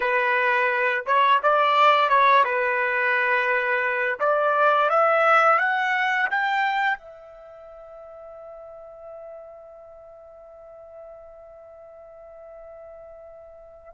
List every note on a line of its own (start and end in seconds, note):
0.00 1.04 B4
1.06 1.40 C#5
1.42 2.09 D5
2.09 2.44 C#5
2.44 4.19 B4
4.19 4.89 D5
4.89 5.58 E5
5.58 6.28 F#5
6.30 6.98 G5
6.98 13.93 E5